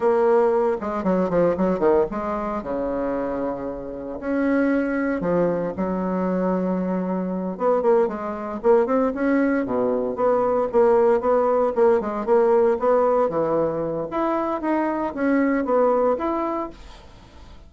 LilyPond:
\new Staff \with { instrumentName = "bassoon" } { \time 4/4 \tempo 4 = 115 ais4. gis8 fis8 f8 fis8 dis8 | gis4 cis2. | cis'2 f4 fis4~ | fis2~ fis8 b8 ais8 gis8~ |
gis8 ais8 c'8 cis'4 b,4 b8~ | b8 ais4 b4 ais8 gis8 ais8~ | ais8 b4 e4. e'4 | dis'4 cis'4 b4 e'4 | }